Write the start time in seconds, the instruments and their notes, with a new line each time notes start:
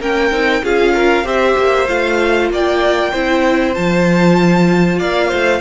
0.00 cello A#3, viola C#4, violin A#4 G5
0.31 cello C4, viola D#4
0.63 cello C#4, viola F4, violin G#4 F5
0.95 violin A#4
1.24 cello C4, viola G4, violin C5 E5
1.58 cello A#3
1.88 cello A3, viola F4, violin F5
2.51 cello A#3, violin D5 G5
3.13 cello C4, viola E4, violin C5
3.75 cello F3, viola F4, violin A5
4.99 cello A#3, violin D5 F5
5.29 cello A3, violin C5